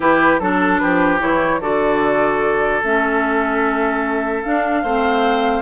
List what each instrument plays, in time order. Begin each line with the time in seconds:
0.00 bassoon E3, clarinet E4, oboe G4, flute B4
0.39 bassoon F#3, clarinet D4, flute A4, oboe A4
0.78 bassoon F3, oboe G4, flute B4
1.19 bassoon E3, clarinet E4, flute C#5
1.60 bassoon D3, clarinet F#4, oboe A4, flute D5
2.83 bassoon A3, clarinet C#4, flute E5
4.42 clarinet D4, bassoon D4, flute F5
4.82 bassoon A3, clarinet C4, oboe C5